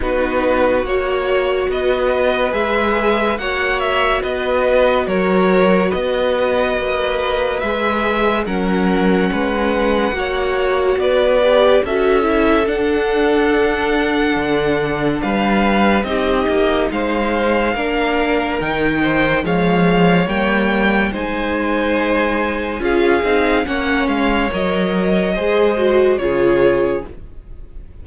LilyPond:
<<
  \new Staff \with { instrumentName = "violin" } { \time 4/4 \tempo 4 = 71 b'4 cis''4 dis''4 e''4 | fis''8 e''8 dis''4 cis''4 dis''4~ | dis''4 e''4 fis''2~ | fis''4 d''4 e''4 fis''4~ |
fis''2 f''4 dis''4 | f''2 g''4 f''4 | g''4 gis''2 f''4 | fis''8 f''8 dis''2 cis''4 | }
  \new Staff \with { instrumentName = "violin" } { \time 4/4 fis'2 b'2 | cis''4 b'4 ais'4 b'4~ | b'2 ais'4 b'4 | cis''4 b'4 a'2~ |
a'2 b'4 g'4 | c''4 ais'4. c''8 cis''4~ | cis''4 c''2 gis'4 | cis''2 c''4 gis'4 | }
  \new Staff \with { instrumentName = "viola" } { \time 4/4 dis'4 fis'2 gis'4 | fis'1~ | fis'4 gis'4 cis'2 | fis'4. g'8 fis'8 e'8 d'4~ |
d'2. dis'4~ | dis'4 d'4 dis'4 gis4 | ais4 dis'2 f'8 dis'8 | cis'4 ais'4 gis'8 fis'8 f'4 | }
  \new Staff \with { instrumentName = "cello" } { \time 4/4 b4 ais4 b4 gis4 | ais4 b4 fis4 b4 | ais4 gis4 fis4 gis4 | ais4 b4 cis'4 d'4~ |
d'4 d4 g4 c'8 ais8 | gis4 ais4 dis4 f4 | g4 gis2 cis'8 c'8 | ais8 gis8 fis4 gis4 cis4 | }
>>